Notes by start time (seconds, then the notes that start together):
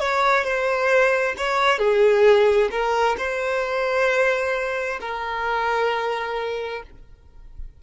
0.00 C#5
0.45 C5
1.38 C#5
1.79 G#4
2.71 A#4
3.18 C5
5.01 A#4